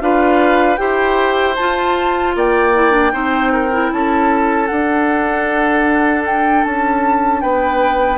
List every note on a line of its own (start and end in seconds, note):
0.00 0.78 D4
0.00 0.76 F4
0.00 0.80 B4
0.00 0.76 F5
0.76 1.56 E4
0.76 1.54 G4
0.76 2.35 C5
0.76 1.54 G5
1.55 2.74 F4
1.55 2.35 F4
1.55 2.33 A5
2.35 3.13 A#3
2.35 3.12 D5
2.35 3.92 G5
2.74 2.91 E4
2.91 3.10 D4
3.11 3.91 C4
3.11 3.70 D#4
3.11 3.51 C5
3.52 3.91 A#4
3.71 4.67 E4
3.92 4.70 C#4
3.92 7.42 A4
3.92 4.66 A5
4.66 8.18 D4
4.66 6.65 D4
4.66 6.22 F#5
6.25 6.64 G5
6.64 7.43 C#4
6.64 7.41 A5
7.41 8.18 B3
7.41 8.18 B4
7.41 8.18 G5